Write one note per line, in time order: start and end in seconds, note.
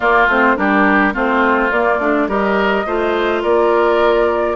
0.00 0.29 A#3
0.00 0.27 A#3
0.00 0.55 F4
0.00 0.27 D5
0.27 0.55 A3
0.27 0.56 C4
0.27 0.56 C5
0.56 1.14 G3
0.56 1.13 D4
0.56 1.13 G4
0.56 1.13 A#4
1.13 1.71 A3
1.13 1.70 C4
1.13 2.27 F4
1.13 1.71 C5
1.71 1.99 A#3
1.71 2.00 A#3
1.71 2.28 D5
1.99 2.27 A3
1.99 2.29 D4
2.27 2.85 G3
2.27 2.86 G4
2.27 2.86 A#4
2.27 3.43 D#5
2.86 3.43 A3
2.86 4.55 F4
2.86 3.42 C5
3.42 4.55 A#3
3.42 4.55 A#4
3.42 4.55 D5